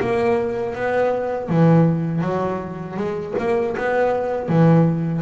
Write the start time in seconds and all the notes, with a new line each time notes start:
0.00 A#3
0.75 B3
1.49 E3
2.22 F#3
2.97 G#3
3.39 A#3
3.77 B3
4.48 E3